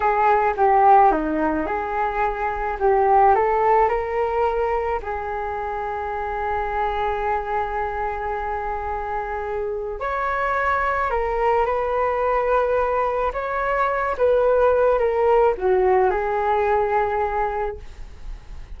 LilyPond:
\new Staff \with { instrumentName = "flute" } { \time 4/4 \tempo 4 = 108 gis'4 g'4 dis'4 gis'4~ | gis'4 g'4 a'4 ais'4~ | ais'4 gis'2.~ | gis'1~ |
gis'2 cis''2 | ais'4 b'2. | cis''4. b'4. ais'4 | fis'4 gis'2. | }